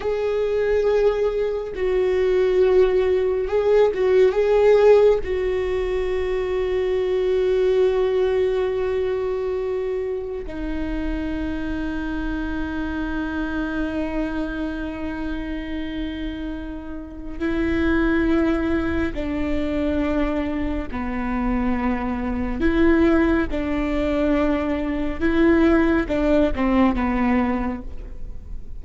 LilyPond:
\new Staff \with { instrumentName = "viola" } { \time 4/4 \tempo 4 = 69 gis'2 fis'2 | gis'8 fis'8 gis'4 fis'2~ | fis'1 | dis'1~ |
dis'1 | e'2 d'2 | b2 e'4 d'4~ | d'4 e'4 d'8 c'8 b4 | }